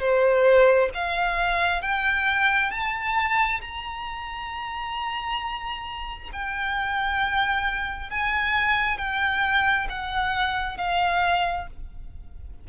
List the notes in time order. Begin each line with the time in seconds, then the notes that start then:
0.00 C5
0.94 F5
1.82 G5
2.72 A5
3.61 A#5
6.33 G5
8.10 G#5
8.98 G5
9.90 F#5
10.78 F5